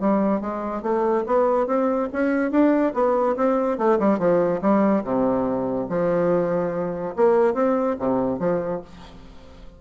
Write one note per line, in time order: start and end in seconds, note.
0.00 0.41 G3
0.41 0.82 G#3
0.82 1.24 A3
1.26 1.67 B3
1.67 2.09 C4
2.13 2.51 C#4
2.51 2.93 D4
2.94 3.36 B3
3.36 3.78 C4
3.78 3.99 A3
3.99 4.19 G3
4.19 4.61 F3
4.62 5.03 G3
5.04 5.88 C3
5.89 7.15 F3
7.16 7.54 A#3
7.54 7.96 C4
7.99 8.39 C3
8.39 8.81 F3